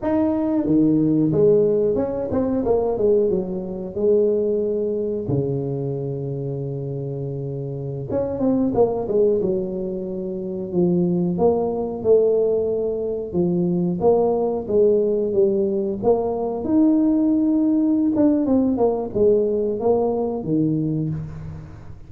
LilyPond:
\new Staff \with { instrumentName = "tuba" } { \time 4/4 \tempo 4 = 91 dis'4 dis4 gis4 cis'8 c'8 | ais8 gis8 fis4 gis2 | cis1~ | cis16 cis'8 c'8 ais8 gis8 fis4.~ fis16~ |
fis16 f4 ais4 a4.~ a16~ | a16 f4 ais4 gis4 g8.~ | g16 ais4 dis'2~ dis'16 d'8 | c'8 ais8 gis4 ais4 dis4 | }